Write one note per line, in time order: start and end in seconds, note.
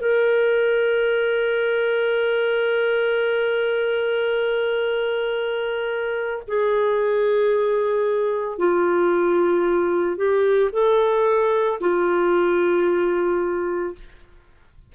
0.00 6.43 A#4
6.47 8.58 G#4
8.58 10.16 F4
10.16 10.70 G4
10.72 11.80 A4
11.80 13.94 F4